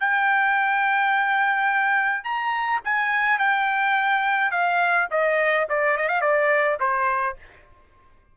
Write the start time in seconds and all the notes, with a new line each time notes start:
0.00 G5
2.24 A#5
2.85 G#5
3.39 G5
4.51 F5
5.11 D#5
5.69 D5
5.97 D#5
6.09 F5
6.21 D5
6.80 C5